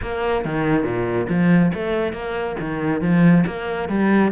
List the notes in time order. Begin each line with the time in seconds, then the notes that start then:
0.01 A#3
0.44 D#3
0.83 A#2
1.28 F3
1.74 A3
2.12 A#3
2.60 D#3
3.01 F3
3.46 A#3
3.88 G3